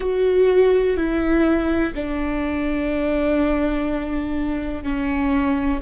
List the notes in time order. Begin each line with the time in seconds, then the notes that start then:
0.00 F#4
0.97 E4
1.94 D4
4.83 C#4